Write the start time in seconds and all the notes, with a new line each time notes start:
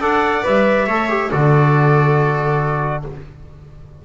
0.00 D4 A4 D5 F#5
0.42 G3 B4 E5
0.86 A3 A4 C#5
1.09 G4
1.31 D3 F#4 A4 D5